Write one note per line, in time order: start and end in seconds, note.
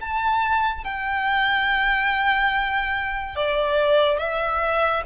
0.00 0.84 A5
0.84 3.36 G5
3.36 4.18 D5
4.18 5.03 E5